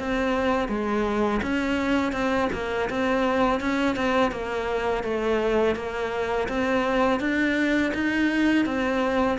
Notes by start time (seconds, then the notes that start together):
0.00 C4
0.69 G#3
1.43 C#4
2.13 C4
2.53 A#3
2.90 C4
3.61 C#4
3.97 C4
4.32 A#3
5.04 A3
5.76 A#3
6.49 C4
7.21 D4
7.94 D#4
8.66 C4